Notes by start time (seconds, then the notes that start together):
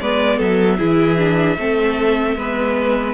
0.00 G#3 B3 B4 D5
0.37 F#3 A4 E5
0.78 E3 E4 G#4
1.18 D4
1.58 A3 C4 A4
2.37 G#3 B3 B4